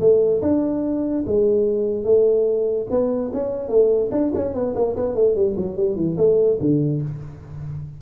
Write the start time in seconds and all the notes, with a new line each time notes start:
0.00 A3
0.42 D4
1.27 G#3
2.04 A3
2.90 B3
3.34 C#4
3.69 A3
4.11 D4
4.35 C#4
4.54 B3
4.75 A#3
4.96 B3
5.15 A3
5.35 G3
5.57 F#3
5.76 G3
5.96 E3
6.18 A3
6.60 D3